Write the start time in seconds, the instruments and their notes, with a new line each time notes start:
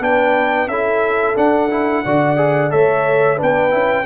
0.00 tuba B3, trombone D4, horn B4, trumpet G5
0.67 tuba C#4, trombone E4, horn A4, trumpet E5
1.36 trombone D4, tuba D4, trumpet F#5
1.71 trombone E4
2.04 tuba D3, trombone F#4, horn D5
2.37 trombone G#4
2.70 tuba A3, trombone A4, horn C#5, trumpet E5
3.37 tuba B3, trombone D4, horn B4
3.43 trumpet G5
3.70 tuba C#4, trombone E4